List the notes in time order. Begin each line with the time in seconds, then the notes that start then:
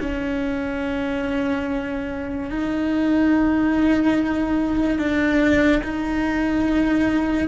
0.00 C#4
2.50 D#4
4.98 D4
5.83 D#4